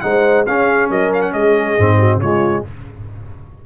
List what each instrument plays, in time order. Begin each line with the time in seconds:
0.00 tuba G#3, trombone D#4, horn C5, trumpet F#5
0.46 tuba C#4, trombone C#4, horn G#4, trumpet F5
0.90 tuba F#3, horn A#4, trumpet D#5
1.13 trumpet F5
1.21 trumpet F#5
1.32 tuba G#3, horn G#4, trumpet D#5
1.78 tuba G#2, trombone C4
1.98 horn F#4
2.16 tuba C#3, trombone G#3, horn F4, trumpet C#5